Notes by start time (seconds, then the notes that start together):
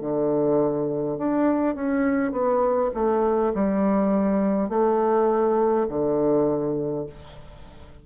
0.00 D3
1.18 D4
1.75 C#4
2.32 B3
2.94 A3
3.54 G3
4.69 A3
5.88 D3